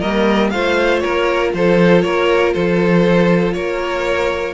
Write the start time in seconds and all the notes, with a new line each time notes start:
0.00 G3 A#3 A#4 D#5
0.51 A3 F4 C5 F5
0.99 A#4 C#5
1.06 A#3
1.54 F3 A4 C5
2.02 A#3 A#4 C#5
2.54 F3 A4 C5
3.53 A#3 A#4 C#5